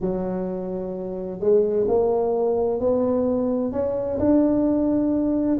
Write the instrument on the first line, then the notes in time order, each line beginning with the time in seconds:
tuba
0.00 F#3
1.40 G#3
1.88 A#3
2.80 B3
3.71 C#4
4.19 D4